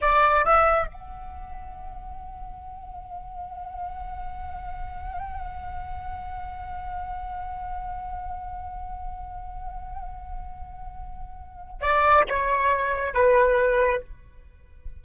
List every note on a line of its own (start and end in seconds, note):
0.01 0.44 D5
0.44 0.87 E5
0.87 11.81 F#5
11.81 12.24 D5
12.28 13.13 C#5
13.13 14.01 B4